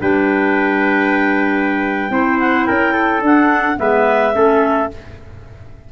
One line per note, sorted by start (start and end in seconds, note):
0.00 2.10 G3
0.00 2.10 D4
0.00 2.11 B4
0.00 2.39 G5
2.10 2.66 C4
2.10 3.22 E4
2.10 2.67 C5
2.39 2.65 F#5
2.65 3.21 C#4
2.65 2.93 A#4
2.65 3.21 G5
2.93 3.77 A4
3.21 3.77 D4
3.21 3.76 D4
3.21 3.78 F#5
3.76 4.34 G#3
3.76 4.32 B3
3.76 4.36 B4
3.76 4.90 E5
4.33 4.90 A3
4.33 4.89 C#4
4.33 4.92 A4